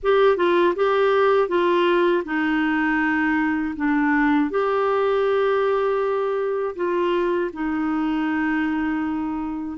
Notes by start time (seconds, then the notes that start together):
0.02 G4
0.36 F4
0.75 G4
1.48 F4
2.25 D#4
3.76 D4
4.50 G4
6.75 F4
7.53 D#4